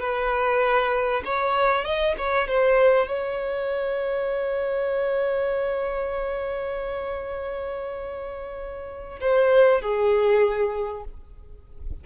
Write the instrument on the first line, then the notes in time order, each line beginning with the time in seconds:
violin
0.00 B4
1.25 C#5
1.85 D#5
2.18 C#5
2.48 C5
3.08 C#5
9.21 C5
9.82 G#4